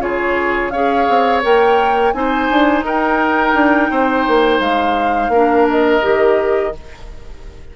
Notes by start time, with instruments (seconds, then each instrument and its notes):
0.00 bassoon C#3, clarinet F4, oboe G#4, flute C#5
0.70 bassoon C#4, clarinet G#4, oboe C#5, flute F5
1.09 bassoon C4
1.42 bassoon A#3, clarinet A#4, flute G5
2.12 bassoon C4, clarinet D#4, oboe C5, flute G#5
2.50 bassoon D4
2.82 bassoon D#4, oboe A#4, flute G5
3.54 bassoon D4
3.91 bassoon C4, oboe C5
4.28 bassoon A#3
4.60 bassoon G#3, flute F5
5.28 bassoon A#3, clarinet D4, oboe A#4
5.70 flute D#5
6.01 bassoon D#3, clarinet G4